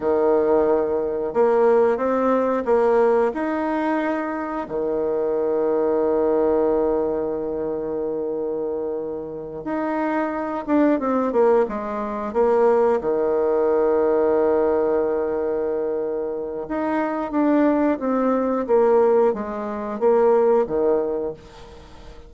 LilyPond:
\new Staff \with { instrumentName = "bassoon" } { \time 4/4 \tempo 4 = 90 dis2 ais4 c'4 | ais4 dis'2 dis4~ | dis1~ | dis2~ dis8 dis'4. |
d'8 c'8 ais8 gis4 ais4 dis8~ | dis1~ | dis4 dis'4 d'4 c'4 | ais4 gis4 ais4 dis4 | }